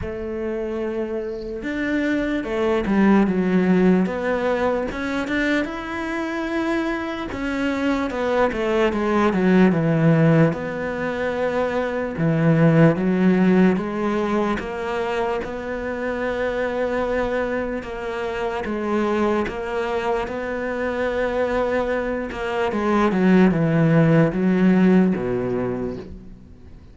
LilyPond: \new Staff \with { instrumentName = "cello" } { \time 4/4 \tempo 4 = 74 a2 d'4 a8 g8 | fis4 b4 cis'8 d'8 e'4~ | e'4 cis'4 b8 a8 gis8 fis8 | e4 b2 e4 |
fis4 gis4 ais4 b4~ | b2 ais4 gis4 | ais4 b2~ b8 ais8 | gis8 fis8 e4 fis4 b,4 | }